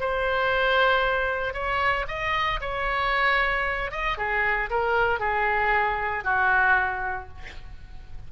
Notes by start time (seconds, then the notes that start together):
0.00 C5
1.53 C#5
2.08 D#5
2.60 C#5
3.91 D#5
4.17 G#4
4.70 A#4
5.19 G#4
6.24 F#4